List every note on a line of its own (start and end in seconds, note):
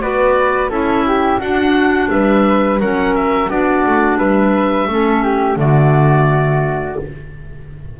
0.00 0.69 B3
0.00 0.71 F#4
0.00 0.70 B4
0.00 0.71 D5
0.69 1.39 C#4
0.69 1.40 E4
0.69 1.05 A4
0.69 1.41 E5
1.07 1.38 G4
1.38 2.09 D4
1.38 2.81 D4
1.38 2.08 F#4
1.38 2.10 F#5
2.10 2.80 G3
2.10 2.81 B4
2.10 2.80 E5
2.80 3.49 F#3
2.80 3.49 C#4
2.80 3.49 A#4
2.80 3.15 F#5
3.15 3.50 E5
3.49 3.84 B3
3.49 4.89 D4
3.49 4.18 F#4
3.49 4.18 D5
3.86 4.18 A3
4.18 4.88 G3
4.18 4.88 B4
4.18 5.58 E5
4.88 5.56 A3
4.88 5.57 C#4
4.88 5.23 A4
5.23 5.58 G4
5.56 6.96 D3
5.56 6.96 A3
5.56 7.00 F#4
5.56 6.99 D5